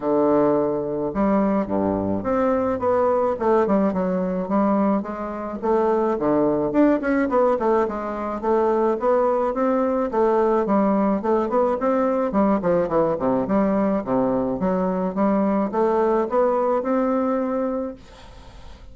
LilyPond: \new Staff \with { instrumentName = "bassoon" } { \time 4/4 \tempo 4 = 107 d2 g4 g,4 | c'4 b4 a8 g8 fis4 | g4 gis4 a4 d4 | d'8 cis'8 b8 a8 gis4 a4 |
b4 c'4 a4 g4 | a8 b8 c'4 g8 f8 e8 c8 | g4 c4 fis4 g4 | a4 b4 c'2 | }